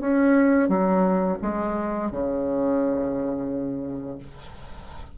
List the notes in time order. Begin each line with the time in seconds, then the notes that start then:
0.00 C#4
0.69 F#3
1.42 G#3
2.11 C#3